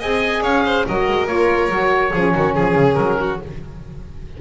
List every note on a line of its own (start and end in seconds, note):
0.00 0.43 C4
0.00 0.87 G#4
0.00 0.42 D#5
0.00 0.43 G#5
0.42 0.85 C#4
0.42 0.63 C#5
0.42 0.86 F5
0.65 0.86 C5
0.86 1.08 F#3
0.86 1.27 F#4
0.86 2.12 A#4
0.86 1.28 D#5
1.08 1.27 G#3
1.27 1.69 A#3
1.27 1.70 F4
1.27 2.54 C#5
1.69 2.11 F#3
1.69 2.12 F#4
2.13 2.34 F3
2.13 3.41 C#4
2.13 2.34 G#4
2.35 2.57 D#3
2.35 2.55 F#4
2.54 2.75 F3
2.54 2.94 G#4
2.54 3.18 G#4
2.75 2.96 C#3
2.94 3.40 F#3
2.94 3.36 A#4
3.20 3.41 F#4